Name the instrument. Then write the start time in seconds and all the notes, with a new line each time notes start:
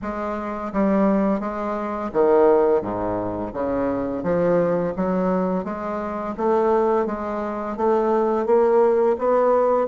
bassoon
0.02 G#3
0.73 G3
1.39 G#3
2.12 D#3
2.81 G#2
3.53 C#3
4.23 F3
4.96 F#3
5.64 G#3
6.37 A3
7.06 G#3
7.76 A3
8.45 A#3
9.18 B3